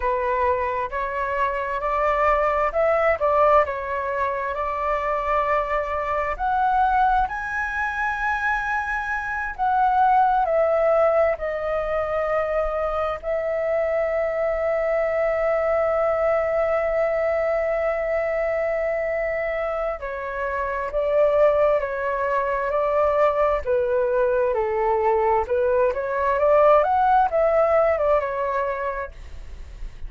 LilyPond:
\new Staff \with { instrumentName = "flute" } { \time 4/4 \tempo 4 = 66 b'4 cis''4 d''4 e''8 d''8 | cis''4 d''2 fis''4 | gis''2~ gis''8 fis''4 e''8~ | e''8 dis''2 e''4.~ |
e''1~ | e''2 cis''4 d''4 | cis''4 d''4 b'4 a'4 | b'8 cis''8 d''8 fis''8 e''8. d''16 cis''4 | }